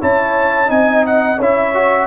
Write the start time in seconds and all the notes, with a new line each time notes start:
0.00 C#4 E4 C#5 A5
0.67 C4 D#4 D#5 G#5
1.06 F#5
1.37 C#4 E4 C#5 E5
1.74 F#4